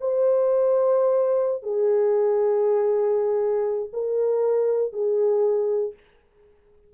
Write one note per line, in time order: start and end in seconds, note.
0.00 1.62 C5
1.62 3.89 G#4
3.93 4.92 A#4
4.92 5.93 G#4